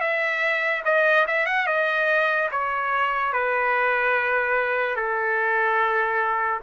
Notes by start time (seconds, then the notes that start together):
0.00 E5
0.84 D#5
1.27 E5
1.46 F#5
1.67 D#5
2.51 C#5
3.32 B4
4.96 A4